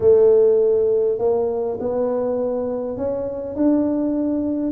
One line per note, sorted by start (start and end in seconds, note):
0.00 1.18 A3
1.18 1.78 A#3
1.80 2.97 B3
2.97 3.55 C#4
3.55 4.72 D4